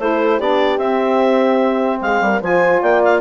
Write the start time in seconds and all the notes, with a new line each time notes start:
0.00 A3 E4 A4 C5
0.38 B3 D4 G4 D5
0.78 C4 E5
2.02 G#3 G#4 F5
2.22 G3 A#4
2.42 F3 F4 C5 G#5
2.82 A#3 D5 G5
3.04 F5